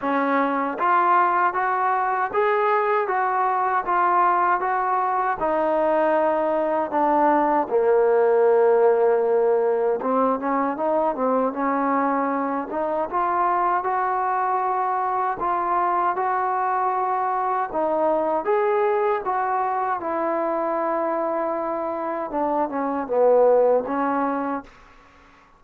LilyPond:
\new Staff \with { instrumentName = "trombone" } { \time 4/4 \tempo 4 = 78 cis'4 f'4 fis'4 gis'4 | fis'4 f'4 fis'4 dis'4~ | dis'4 d'4 ais2~ | ais4 c'8 cis'8 dis'8 c'8 cis'4~ |
cis'8 dis'8 f'4 fis'2 | f'4 fis'2 dis'4 | gis'4 fis'4 e'2~ | e'4 d'8 cis'8 b4 cis'4 | }